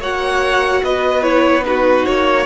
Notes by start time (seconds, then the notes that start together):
0.00 A#3 F#4 C#5 F#5
0.83 B3 B4 D#5
1.23 E4 C#5
1.62 D#4 F#4 B4
2.06 A#3 C#5